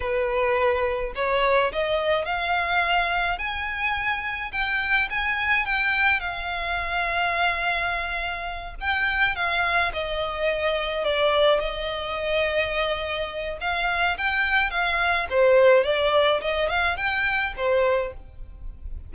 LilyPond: \new Staff \with { instrumentName = "violin" } { \time 4/4 \tempo 4 = 106 b'2 cis''4 dis''4 | f''2 gis''2 | g''4 gis''4 g''4 f''4~ | f''2.~ f''8 g''8~ |
g''8 f''4 dis''2 d''8~ | d''8 dis''2.~ dis''8 | f''4 g''4 f''4 c''4 | d''4 dis''8 f''8 g''4 c''4 | }